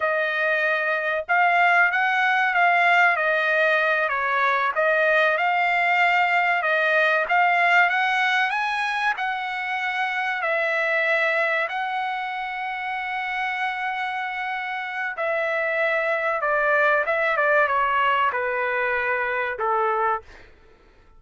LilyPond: \new Staff \with { instrumentName = "trumpet" } { \time 4/4 \tempo 4 = 95 dis''2 f''4 fis''4 | f''4 dis''4. cis''4 dis''8~ | dis''8 f''2 dis''4 f''8~ | f''8 fis''4 gis''4 fis''4.~ |
fis''8 e''2 fis''4.~ | fis''1 | e''2 d''4 e''8 d''8 | cis''4 b'2 a'4 | }